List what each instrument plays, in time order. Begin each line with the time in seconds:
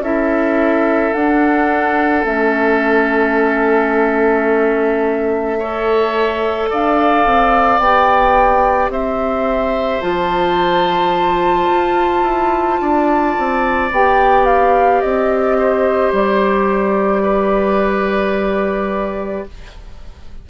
0.00 bassoon C#4, clarinet E4, oboe A4, flute E5
1.14 clarinet D4, bassoon D4, flute F#5
2.25 bassoon A3, clarinet C#4, flute E5
5.59 clarinet A4, oboe C#5
6.70 bassoon D4, oboe D5, flute F5
7.26 bassoon C4
7.79 bassoon B3, clarinet G4, flute G5
8.89 bassoon C4, oboe C5, flute E5
10.02 bassoon F3, clarinet F4, flute A5
11.71 bassoon F4
12.23 bassoon E4
12.81 bassoon D4, oboe D5
13.39 bassoon C4
13.92 bassoon B3, clarinet G4, flute G5
14.46 flute F5
15.02 bassoon C4, flute D#5
15.58 oboe C5
16.12 bassoon G3, flute D5
17.23 oboe B4